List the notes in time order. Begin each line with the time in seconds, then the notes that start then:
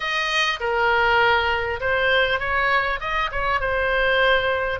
0.00 D#5
0.60 A#4
1.80 C5
2.39 C#5
3.00 D#5
3.31 C#5
3.60 C5